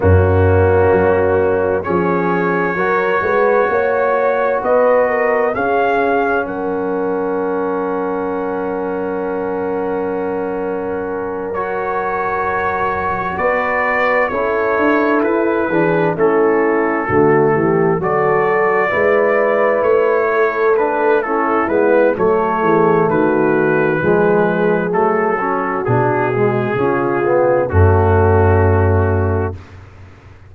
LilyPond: <<
  \new Staff \with { instrumentName = "trumpet" } { \time 4/4 \tempo 4 = 65 fis'2 cis''2~ | cis''4 dis''4 f''4 fis''4~ | fis''1~ | fis''8 cis''2 d''4 cis''8~ |
cis''8 b'4 a'2 d''8~ | d''4. cis''4 b'8 a'8 b'8 | cis''4 b'2 a'4 | gis'2 fis'2 | }
  \new Staff \with { instrumentName = "horn" } { \time 4/4 cis'2 gis'4 ais'8 b'8 | cis''4 b'8 ais'8 gis'4 ais'4~ | ais'1~ | ais'2~ ais'8 b'4 a'8~ |
a'4 gis'8 e'4 fis'8 g'8 a'8~ | a'8 b'4. a'4 e'4 | a'8 gis'8 fis'4 gis'4. fis'8~ | fis'4 f'4 cis'2 | }
  \new Staff \with { instrumentName = "trombone" } { \time 4/4 ais2 cis'4 fis'4~ | fis'2 cis'2~ | cis'1~ | cis'8 fis'2. e'8~ |
e'4 d'8 cis'4 a4 fis'8~ | fis'8 e'2 d'8 cis'8 b8 | a2 gis4 a8 cis'8 | d'8 gis8 cis'8 b8 a2 | }
  \new Staff \with { instrumentName = "tuba" } { \time 4/4 fis,4 fis4 f4 fis8 gis8 | ais4 b4 cis'4 fis4~ | fis1~ | fis2~ fis8 b4 cis'8 |
d'8 e'8 e8 a4 d8 e8 fis8~ | fis8 gis4 a2 gis8 | fis8 e8 dis4 f4 fis4 | b,4 cis4 fis,2 | }
>>